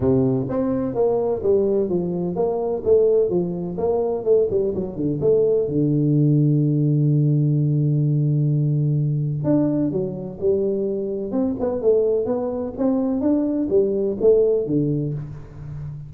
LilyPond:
\new Staff \with { instrumentName = "tuba" } { \time 4/4 \tempo 4 = 127 c4 c'4 ais4 g4 | f4 ais4 a4 f4 | ais4 a8 g8 fis8 d8 a4 | d1~ |
d1 | d'4 fis4 g2 | c'8 b8 a4 b4 c'4 | d'4 g4 a4 d4 | }